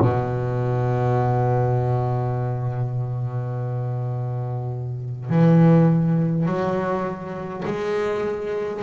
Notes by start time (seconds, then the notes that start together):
0.00 B2
5.29 E3
6.45 F#3
7.65 G#3